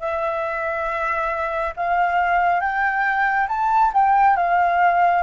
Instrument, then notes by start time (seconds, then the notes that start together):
flute
0.00 E5
1.77 F5
2.60 G5
3.49 A5
3.94 G5
4.36 F5